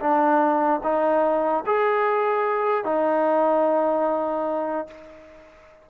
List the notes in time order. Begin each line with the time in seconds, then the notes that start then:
0.00 D4
0.84 D#4
1.66 G#4
2.85 D#4